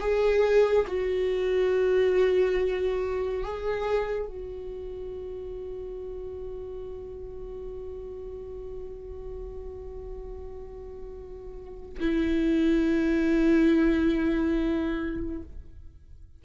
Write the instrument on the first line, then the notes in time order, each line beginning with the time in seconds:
viola
0.00 G#4
0.87 F#4
3.43 G#4
4.27 F#4
12.00 E4